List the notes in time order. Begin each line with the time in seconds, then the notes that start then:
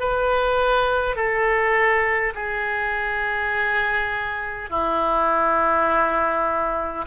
0.00 B4
1.16 A4
2.35 G#4
4.70 E4